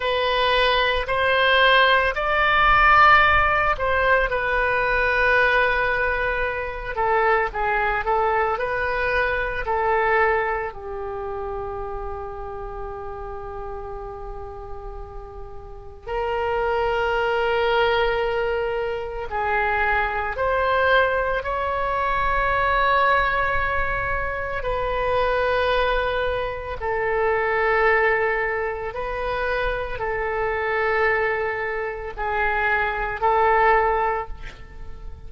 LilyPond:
\new Staff \with { instrumentName = "oboe" } { \time 4/4 \tempo 4 = 56 b'4 c''4 d''4. c''8 | b'2~ b'8 a'8 gis'8 a'8 | b'4 a'4 g'2~ | g'2. ais'4~ |
ais'2 gis'4 c''4 | cis''2. b'4~ | b'4 a'2 b'4 | a'2 gis'4 a'4 | }